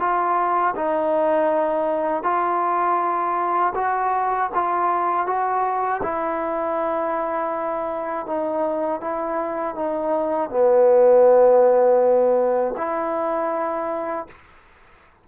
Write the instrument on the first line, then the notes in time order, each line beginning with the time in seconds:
trombone
0.00 F4
0.76 D#4
2.23 F4
3.75 F#4
4.54 F4
5.27 F#4
6.03 E4
8.27 D#4
9.01 E4
9.76 D#4
10.50 B3
12.77 E4